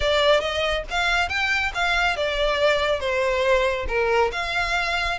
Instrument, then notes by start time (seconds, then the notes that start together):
violin
0.00 D5
0.40 D#5
0.90 F5
1.29 G5
1.74 F5
2.16 D5
2.99 C5
3.88 A#4
4.32 F5